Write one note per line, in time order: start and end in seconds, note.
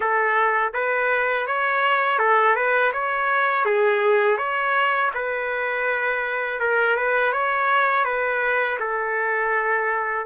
0.00 0.73 A4
0.73 1.46 B4
1.46 2.19 C#5
2.19 2.55 A4
2.55 2.92 B4
2.92 3.65 C#5
3.65 4.37 G#4
4.37 5.10 C#5
5.14 6.60 B4
6.60 6.96 A#4
6.96 7.32 B4
7.32 8.04 C#5
8.04 8.77 B4
8.79 10.25 A4